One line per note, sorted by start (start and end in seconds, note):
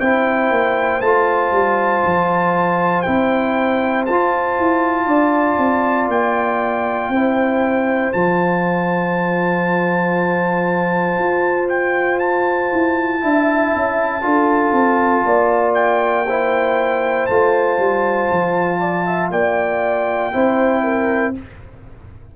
0.00 0.51 C4
0.00 1.02 E4
0.00 5.07 C5
0.00 1.01 G5
0.51 1.01 A#3
1.01 1.52 A3
1.01 3.06 F4
1.01 3.02 A5
1.52 2.03 G3
2.05 3.07 F3
3.02 4.09 C4
3.02 4.08 E4
3.02 4.04 G5
4.06 4.60 F4
4.06 7.15 F4
4.06 6.10 A5
4.60 5.07 E4
5.07 5.58 D4
5.07 7.10 D5
5.58 6.08 C4
6.08 7.09 A#3
6.08 8.13 G5
7.09 8.11 C4
7.09 8.14 E4
7.09 13.22 C5
8.13 11.19 F3
8.13 13.21 F4
8.13 11.69 A5
11.19 12.72 F4
11.69 12.19 G5
12.19 15.75 A5
12.72 13.23 E4
13.21 13.74 D4
13.21 14.22 E4
13.21 14.24 E5
13.76 14.24 C#4
14.22 14.73 D4
14.22 16.26 F4
14.22 15.26 A4
14.73 15.24 C4
15.25 17.28 A#3
15.25 16.28 D5
15.75 17.27 G5
16.28 17.30 E4
16.28 18.81 C5
17.27 17.78 A3
17.27 20.33 F4
17.27 19.30 A5
17.78 18.29 G3
18.32 19.31 F3
18.81 19.06 D5
19.07 19.32 E5
19.31 20.32 A#3
19.31 20.34 D5
19.31 21.35 G5
20.33 21.36 C4
20.33 21.35 E4
20.33 20.84 C5
20.84 21.35 A#4